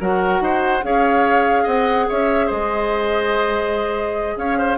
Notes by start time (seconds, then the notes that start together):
0.00 F#3 F#4 A#4 F#5
0.40 D#4 C5
0.82 C#4 G#4 C#5 F5
1.63 C4 D#5 F#5
2.09 C#4 C#5 E5
2.46 G#3 C5 D#5
4.36 C#4 C#5 F5
4.58 C5